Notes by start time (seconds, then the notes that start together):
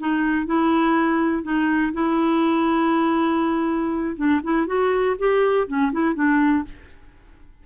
0.00 D#4
0.47 E4
1.43 D#4
1.93 E4
4.17 D4
4.44 E4
4.67 F#4
5.19 G4
5.68 C#4
5.93 E4
6.15 D4